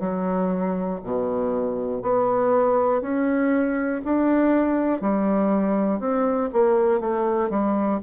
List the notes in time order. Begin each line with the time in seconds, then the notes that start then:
0.00 F#3
1.03 B2
2.02 B3
3.01 C#4
4.05 D4
5.01 G3
6.00 C4
6.53 A#3
7.00 A3
7.50 G3